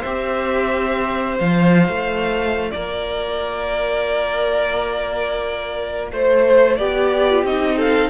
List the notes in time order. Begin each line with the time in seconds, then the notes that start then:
0.00 C4 G4 C5 E5
1.38 F3 F4 F5
1.88 A3
2.71 A#3 A#4 D5
6.11 A3 C5
6.77 B3 G4 D5
7.10 G4
7.30 F4
7.43 C4 D#4 D#5
7.76 A4 F5